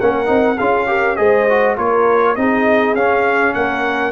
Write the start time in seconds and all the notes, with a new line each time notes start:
0.00 A#3 C#4 A#4 F#5
0.26 C4 D#4
0.58 C#4 F4 G#4 F5
0.87 G4 A#4
1.16 G#3 G#4 C5 D#5
1.50 F#4
1.77 A#3 F4 A#4 C#5
2.36 C4 D#4 G#4 D#5
2.95 C#4 F5
3.54 A#3 A#4 F#5